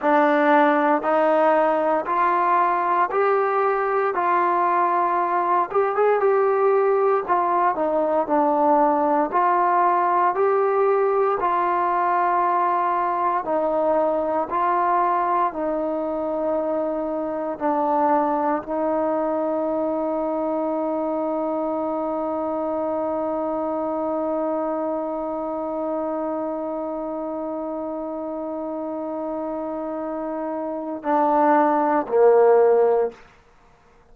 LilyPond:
\new Staff \with { instrumentName = "trombone" } { \time 4/4 \tempo 4 = 58 d'4 dis'4 f'4 g'4 | f'4. g'16 gis'16 g'4 f'8 dis'8 | d'4 f'4 g'4 f'4~ | f'4 dis'4 f'4 dis'4~ |
dis'4 d'4 dis'2~ | dis'1~ | dis'1~ | dis'2 d'4 ais4 | }